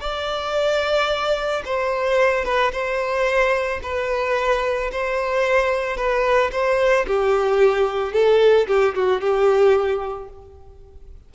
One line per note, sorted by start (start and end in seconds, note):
0.00 1.62 D5
1.65 2.44 C5
2.44 2.71 B4
2.71 3.80 C5
3.83 4.91 B4
4.91 5.96 C5
5.96 6.50 B4
6.52 7.06 C5
7.06 8.12 G4
8.12 8.66 A4
8.67 8.94 G4
8.94 9.20 F#4
9.20 10.28 G4